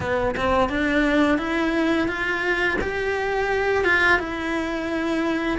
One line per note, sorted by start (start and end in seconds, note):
0.00 0.35 B3
0.36 0.69 C4
0.69 1.38 D4
1.38 2.07 E4
2.07 2.77 F4
2.81 3.84 G4
3.84 4.19 F4
4.19 5.58 E4